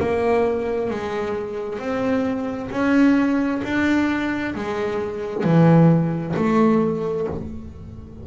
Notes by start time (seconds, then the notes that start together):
0.00 A#3
0.90 G#3
1.79 C4
2.71 C#4
3.64 D4
4.55 G#3
5.44 E3
6.36 A3